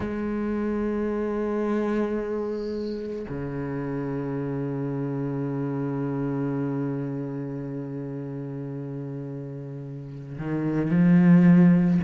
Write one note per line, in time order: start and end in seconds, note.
0.00 3.26 G#3
3.28 10.37 C#3
10.38 10.90 D#3
10.90 12.00 F3